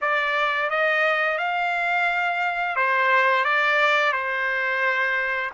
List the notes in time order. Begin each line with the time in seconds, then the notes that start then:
0.01 D5
0.70 D#5
1.38 F5
2.76 C5
3.44 D5
4.12 C5